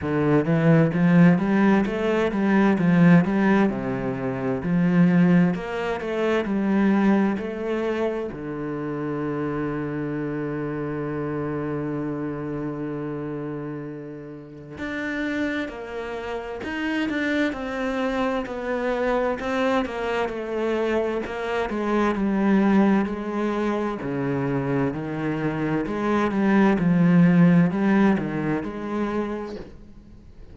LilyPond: \new Staff \with { instrumentName = "cello" } { \time 4/4 \tempo 4 = 65 d8 e8 f8 g8 a8 g8 f8 g8 | c4 f4 ais8 a8 g4 | a4 d2.~ | d1 |
d'4 ais4 dis'8 d'8 c'4 | b4 c'8 ais8 a4 ais8 gis8 | g4 gis4 cis4 dis4 | gis8 g8 f4 g8 dis8 gis4 | }